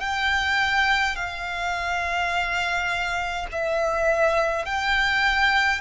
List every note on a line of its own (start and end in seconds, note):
0.00 1.15 G5
1.15 3.46 F5
3.52 4.65 E5
4.65 5.81 G5